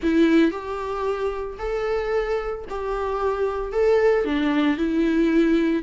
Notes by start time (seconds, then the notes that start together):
0.03 E4
0.51 G4
1.58 A4
2.69 G4
3.72 A4
4.25 D4
4.77 E4